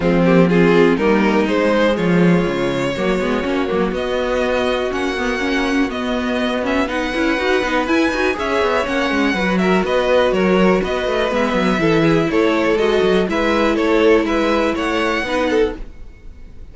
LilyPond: <<
  \new Staff \with { instrumentName = "violin" } { \time 4/4 \tempo 4 = 122 f'8 g'8 gis'4 ais'4 c''4 | cis''1 | dis''2 fis''2 | dis''4. e''8 fis''2 |
gis''4 e''4 fis''4. e''8 | dis''4 cis''4 dis''4 e''4~ | e''4 cis''4 dis''4 e''4 | cis''4 e''4 fis''2 | }
  \new Staff \with { instrumentName = "violin" } { \time 4/4 c'4 f'4 dis'2 | f'2 fis'2~ | fis'1~ | fis'2 b'2~ |
b'4 cis''2 b'8 ais'8 | b'4 ais'4 b'2 | a'8 gis'8 a'2 b'4 | a'4 b'4 cis''4 b'8 a'8 | }
  \new Staff \with { instrumentName = "viola" } { \time 4/4 gis8 ais8 c'4 ais4 gis4~ | gis2 ais8 b8 cis'8 ais8 | b2 cis'8 b8 cis'4 | b4. cis'8 dis'8 e'8 fis'8 dis'8 |
e'8 fis'8 gis'4 cis'4 fis'4~ | fis'2. b4 | e'2 fis'4 e'4~ | e'2. dis'4 | }
  \new Staff \with { instrumentName = "cello" } { \time 4/4 f2 g4 gis4 | f4 cis4 fis8 gis8 ais8 fis8 | b2 ais2 | b2~ b8 cis'8 dis'8 b8 |
e'8 dis'8 cis'8 b8 ais8 gis8 fis4 | b4 fis4 b8 a8 gis8 fis8 | e4 a4 gis8 fis8 gis4 | a4 gis4 a4 b4 | }
>>